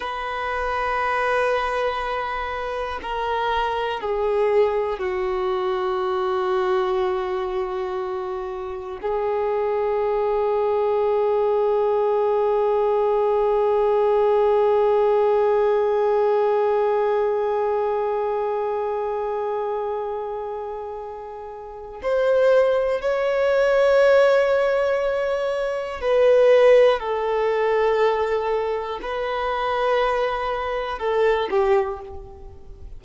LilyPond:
\new Staff \with { instrumentName = "violin" } { \time 4/4 \tempo 4 = 60 b'2. ais'4 | gis'4 fis'2.~ | fis'4 gis'2.~ | gis'1~ |
gis'1~ | gis'2 c''4 cis''4~ | cis''2 b'4 a'4~ | a'4 b'2 a'8 g'8 | }